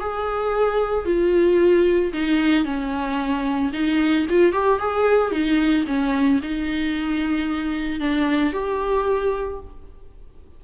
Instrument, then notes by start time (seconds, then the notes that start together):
viola
0.00 G#4
1.05 F4
2.13 D#4
2.65 C#4
3.73 D#4
4.29 F4
4.52 G4
4.79 G#4
5.31 D#4
5.87 C#4
6.42 D#4
8.00 D4
8.53 G4